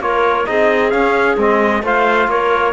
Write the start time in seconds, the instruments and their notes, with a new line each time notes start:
0.00 cello A#3, trombone F4, clarinet A#4, trumpet C#5
0.45 cello C4, trombone D#4, clarinet G#4, trumpet D#5
0.90 trombone C#4, cello C#4, trumpet F5
1.37 cello G#3, trombone C4, trumpet D#5
1.82 cello A3, trombone F4, clarinet C5, trumpet F5
2.27 cello A#3, clarinet A#4, trumpet C#5